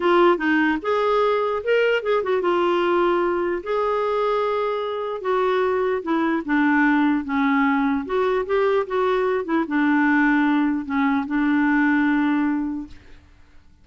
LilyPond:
\new Staff \with { instrumentName = "clarinet" } { \time 4/4 \tempo 4 = 149 f'4 dis'4 gis'2 | ais'4 gis'8 fis'8 f'2~ | f'4 gis'2.~ | gis'4 fis'2 e'4 |
d'2 cis'2 | fis'4 g'4 fis'4. e'8 | d'2. cis'4 | d'1 | }